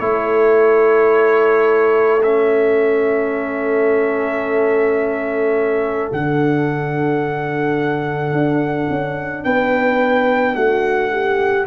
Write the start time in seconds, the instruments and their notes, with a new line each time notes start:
0.00 tuba A3, trombone E4, horn A4, trumpet C#5
2.23 trombone C#4, trumpet E5
6.12 tuba D3, trombone D4, trumpet F#5
8.33 tuba D4
8.90 tuba C#4
9.44 tuba B3, horn B4, trumpet G5
10.55 tuba A3, horn F#4, trumpet F#5
11.12 horn G4